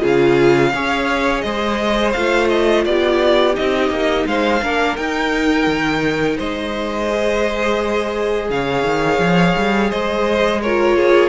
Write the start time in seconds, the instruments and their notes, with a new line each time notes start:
0.00 cello C#3, viola F4, violin G#4
0.07 violin F5
0.73 cello C#4, viola G#4, violin C#5
1.41 cello G#3, violin C5 D#5
2.12 cello A3, viola F4, violin F5
2.49 violin D#5
2.85 cello B3, violin G4 D5
3.54 cello C4, viola D#4, violin D#5
3.90 cello A#3
4.27 cello G#3, violin C5 F5
4.63 cello A#3, viola D4, violin A#4
4.97 cello D#4, viola D#4, violin G5
5.67 cello D#3
6.37 cello G#3, violin C5 D#5
7.09 viola G#4
8.50 cello C#3, violin C#5 F5
8.83 cello D#3
9.19 cello F3
9.57 cello G3
9.90 cello G#3, violin C5 D#5
10.62 viola F4, violin A#4 C#5
10.96 cello A#3, violin G#4